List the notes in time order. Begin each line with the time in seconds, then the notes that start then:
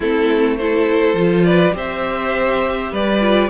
0.00 A3 C4 E4 A4
0.56 E4 A4 C5
1.13 F3 F4
1.44 B4 D5
1.72 C4 G4 C5 E5
2.91 G3 B4 D5
3.20 F4